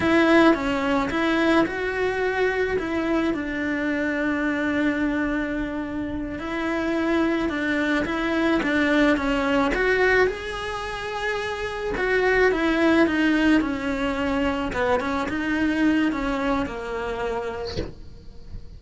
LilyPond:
\new Staff \with { instrumentName = "cello" } { \time 4/4 \tempo 4 = 108 e'4 cis'4 e'4 fis'4~ | fis'4 e'4 d'2~ | d'2.~ d'8 e'8~ | e'4. d'4 e'4 d'8~ |
d'8 cis'4 fis'4 gis'4.~ | gis'4. fis'4 e'4 dis'8~ | dis'8 cis'2 b8 cis'8 dis'8~ | dis'4 cis'4 ais2 | }